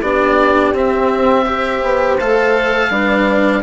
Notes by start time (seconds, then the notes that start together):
0.00 B3 D4 G4 D5
0.72 C4 E5
1.45 G4 C5
1.83 B3
2.18 A3 A4 F5
2.90 G3 D4 B4